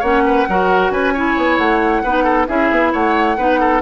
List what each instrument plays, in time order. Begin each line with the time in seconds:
0.00 bassoon A#3, clarinet C#4, oboe C#5, flute F#5
0.26 oboe B4
0.48 bassoon F#3, clarinet F#4, oboe A#4
0.90 bassoon C#4, oboe B4, flute G#5
1.13 clarinet E4, oboe C#5
1.37 bassoon B3
1.57 bassoon A3, flute F#5
2.03 bassoon B3, clarinet D#4, oboe B4
2.24 oboe A4
2.48 bassoon C#4, clarinet E4, oboe G#4, flute E5
2.71 bassoon B3
2.93 bassoon A3, oboe C#5, flute F#5
3.37 bassoon B3, clarinet D#4, oboe B4
3.60 oboe A4